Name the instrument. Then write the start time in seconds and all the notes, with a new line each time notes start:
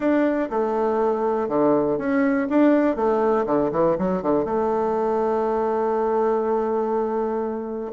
bassoon
0.00 D4
0.50 A3
1.48 D3
1.98 C#4
2.49 D4
2.95 A3
3.46 D3
3.71 E3
3.98 F#3
4.22 D3
4.44 A3